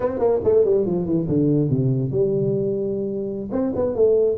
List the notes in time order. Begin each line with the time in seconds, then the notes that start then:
0.00 C4
0.18 A#3
0.44 A3
0.64 G3
0.85 F3
1.05 E3
1.28 D3
1.69 C3
2.11 G3
3.51 C4
3.75 B3
3.95 A3